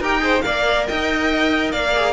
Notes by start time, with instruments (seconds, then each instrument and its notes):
0.00 cello D#4, viola G4, violin A#4 G5
0.20 viola G#4, violin C5
0.42 cello A#3, viola A#4, violin D5 F5
0.87 cello D#4, violin D#5 G5
1.72 cello A#3, violin D5 F5
1.96 viola G#4